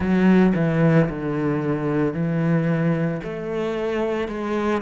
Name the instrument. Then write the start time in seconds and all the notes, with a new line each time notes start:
cello
0.00 F#3
0.55 E3
1.09 D3
2.13 E3
3.23 A3
4.28 G#3